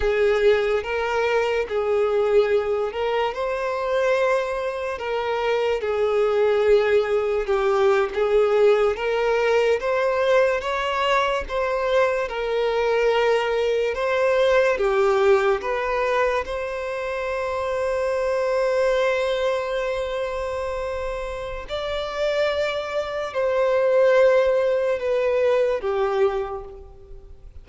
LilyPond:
\new Staff \with { instrumentName = "violin" } { \time 4/4 \tempo 4 = 72 gis'4 ais'4 gis'4. ais'8 | c''2 ais'4 gis'4~ | gis'4 g'8. gis'4 ais'4 c''16~ | c''8. cis''4 c''4 ais'4~ ais'16~ |
ais'8. c''4 g'4 b'4 c''16~ | c''1~ | c''2 d''2 | c''2 b'4 g'4 | }